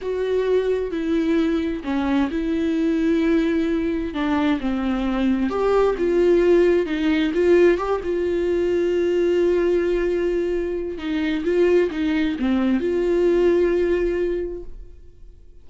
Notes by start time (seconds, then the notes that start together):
0.01 F#4
0.91 E4
1.84 C#4
2.30 E4
4.13 D4
4.60 C4
5.49 G4
5.98 F4
6.86 D#4
7.34 F4
7.77 G4
8.03 F4
10.98 D#4
11.44 F4
11.90 D#4
12.39 C4
12.80 F4